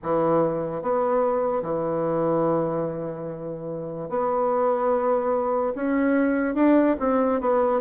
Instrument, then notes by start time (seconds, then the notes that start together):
bassoon
0.02 E3
0.81 B3
1.62 E3
4.09 B3
5.75 C#4
6.55 D4
6.99 C4
7.40 B3